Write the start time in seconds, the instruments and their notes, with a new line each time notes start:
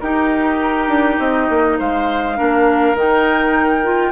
0.00 bassoon D#4, clarinet D#4, oboe G4, flute A#4
0.88 bassoon D4
1.19 bassoon C4, flute D#5
1.49 bassoon A#3
1.78 bassoon G#3, oboe C5, flute F5
2.36 bassoon A#3, clarinet D4, oboe A#4
2.94 bassoon D#3, clarinet D#4, flute G5
3.83 clarinet F4